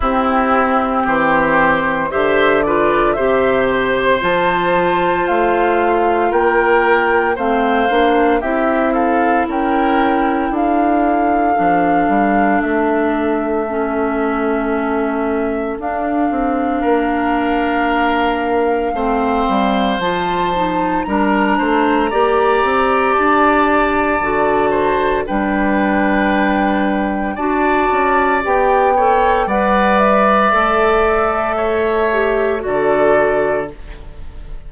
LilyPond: <<
  \new Staff \with { instrumentName = "flute" } { \time 4/4 \tempo 4 = 57 g'4 c''4 e''8 d''8 e''8 c''8 | a''4 f''4 g''4 f''4 | e''8 f''8 g''4 f''2 | e''2. f''4~ |
f''2. a''4 | ais''2 a''2 | g''2 a''4 g''4 | fis''8 e''2~ e''8 d''4 | }
  \new Staff \with { instrumentName = "oboe" } { \time 4/4 e'4 g'4 c''8 b'8 c''4~ | c''2 ais'4 c''4 | g'8 a'8 ais'4 a'2~ | a'1 |
ais'2 c''2 | ais'8 c''8 d''2~ d''8 c''8 | b'2 d''4. cis''8 | d''2 cis''4 a'4 | }
  \new Staff \with { instrumentName = "clarinet" } { \time 4/4 c'2 g'8 f'8 g'4 | f'2. c'8 d'8 | e'2. d'4~ | d'4 cis'2 d'4~ |
d'2 c'4 f'8 dis'8 | d'4 g'2 fis'4 | d'2 fis'4 g'8 a'8 | b'4 a'4. g'8 fis'4 | }
  \new Staff \with { instrumentName = "bassoon" } { \time 4/4 c'4 e4 d4 c4 | f4 a4 ais4 a8 ais8 | c'4 cis'4 d'4 f8 g8 | a2. d'8 c'8 |
ais2 a8 g8 f4 | g8 a8 ais8 c'8 d'4 d4 | g2 d'8 cis'8 b4 | g4 a2 d4 | }
>>